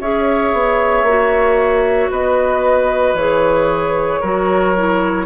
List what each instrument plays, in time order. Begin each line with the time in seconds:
0.00 bassoon C#4, clarinet G#4, oboe C#5, flute E5
0.53 bassoon B3
1.03 bassoon A#3, clarinet F#4
2.10 bassoon B3, oboe B4, flute D#5
3.14 bassoon E3, clarinet G#4, flute C#5
4.21 bassoon F#3, clarinet F#4, oboe A#4
4.76 clarinet E4